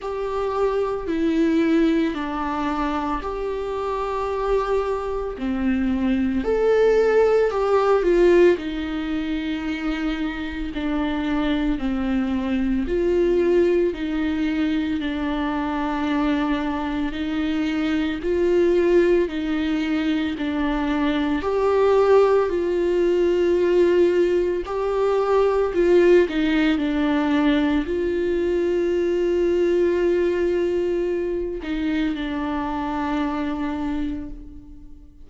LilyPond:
\new Staff \with { instrumentName = "viola" } { \time 4/4 \tempo 4 = 56 g'4 e'4 d'4 g'4~ | g'4 c'4 a'4 g'8 f'8 | dis'2 d'4 c'4 | f'4 dis'4 d'2 |
dis'4 f'4 dis'4 d'4 | g'4 f'2 g'4 | f'8 dis'8 d'4 f'2~ | f'4. dis'8 d'2 | }